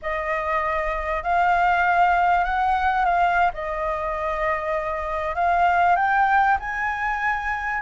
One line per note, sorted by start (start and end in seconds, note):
0.02 1.23 D#5
1.23 2.44 F5
2.44 3.05 F#5
3.05 3.51 F5
3.53 5.35 D#5
5.35 5.96 F5
5.96 6.57 G5
6.59 7.81 G#5